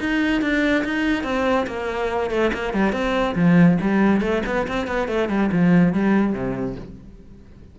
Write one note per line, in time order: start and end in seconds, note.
0.00 0.41 D#4
0.41 0.84 D4
0.84 1.24 D#4
1.24 1.66 C4
1.67 2.30 A#3
2.30 2.51 A3
2.53 2.73 A#3
2.73 2.92 G3
2.92 3.35 C4
3.35 3.78 F3
3.81 4.21 G3
4.21 4.42 A3
4.46 4.67 B3
4.67 4.87 C4
4.87 5.08 B3
5.08 5.29 A3
5.29 5.50 G3
5.52 5.93 F3
5.93 6.33 G3
6.33 6.76 C3